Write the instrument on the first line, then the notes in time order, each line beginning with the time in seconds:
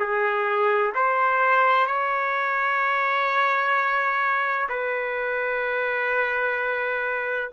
trumpet
0.00 G#4
0.95 C5
1.87 C#5
4.70 B4